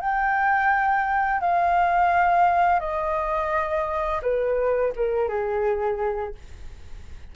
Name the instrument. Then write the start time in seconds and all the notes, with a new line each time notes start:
flute
0.00 G5
1.40 F5
2.79 D#5
4.22 B4
4.96 A#4
5.28 G#4